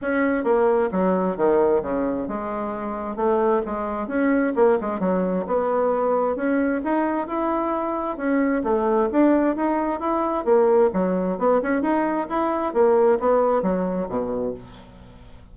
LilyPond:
\new Staff \with { instrumentName = "bassoon" } { \time 4/4 \tempo 4 = 132 cis'4 ais4 fis4 dis4 | cis4 gis2 a4 | gis4 cis'4 ais8 gis8 fis4 | b2 cis'4 dis'4 |
e'2 cis'4 a4 | d'4 dis'4 e'4 ais4 | fis4 b8 cis'8 dis'4 e'4 | ais4 b4 fis4 b,4 | }